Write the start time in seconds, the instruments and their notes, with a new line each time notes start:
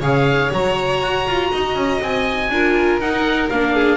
0.00 double bass C#3, viola G#4, violin C#5, oboe F5
0.51 double bass F#3, viola F#4, oboe A#5
1.01 double bass F#4
1.27 double bass F4
1.51 double bass D#4, violin D#5
1.75 double bass C#4
2.01 double bass C4, oboe G#5
2.49 double bass D4, viola F4, violin A#4
2.99 double bass D#4, viola D#4, oboe F#5
3.49 double bass A#3, viola D4, oboe F5
3.74 violin G#4